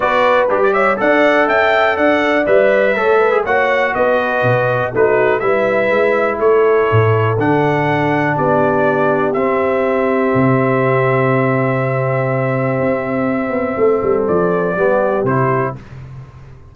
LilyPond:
<<
  \new Staff \with { instrumentName = "trumpet" } { \time 4/4 \tempo 4 = 122 d''4 d'16 d''16 e''8 fis''4 g''4 | fis''4 e''2 fis''4 | dis''2 b'4 e''4~ | e''4 cis''2 fis''4~ |
fis''4 d''2 e''4~ | e''1~ | e''1~ | e''4 d''2 c''4 | }
  \new Staff \with { instrumentName = "horn" } { \time 4/4 b'4. cis''8 d''4 e''4 | d''2 cis''8 b'8 cis''4 | b'2 fis'4 b'4~ | b'4 a'2.~ |
a'4 g'2.~ | g'1~ | g'1 | a'2 g'2 | }
  \new Staff \with { instrumentName = "trombone" } { \time 4/4 fis'4 g'4 a'2~ | a'4 b'4 a'8. gis'16 fis'4~ | fis'2 dis'4 e'4~ | e'2. d'4~ |
d'2. c'4~ | c'1~ | c'1~ | c'2 b4 e'4 | }
  \new Staff \with { instrumentName = "tuba" } { \time 4/4 b4 g4 d'4 cis'4 | d'4 g4 a4 ais4 | b4 b,4 a4 g4 | gis4 a4 a,4 d4~ |
d4 b2 c'4~ | c'4 c2.~ | c2 c'4. b8 | a8 g8 f4 g4 c4 | }
>>